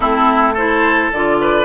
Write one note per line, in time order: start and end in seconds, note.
0.00 1.11 A3
0.00 0.55 C4
0.00 0.53 E4
0.00 0.55 A4
0.53 1.12 E4
0.53 1.36 A4
0.53 1.11 C5
1.12 1.65 D3
1.12 1.65 F4
1.12 1.65 D5
1.40 1.65 B4